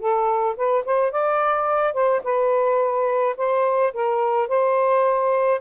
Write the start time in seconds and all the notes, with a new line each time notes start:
0.00 A4
0.57 B4
0.85 C5
1.11 D5
1.93 C5
2.24 B4
3.37 C5
3.94 A#4
4.48 C5